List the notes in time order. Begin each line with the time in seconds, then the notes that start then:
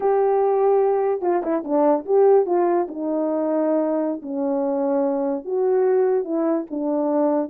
0.00 G4
1.21 F4
1.43 E4
1.64 D4
2.05 G4
2.46 F4
2.88 D#4
4.21 C#4
5.45 F#4
6.24 E4
6.70 D4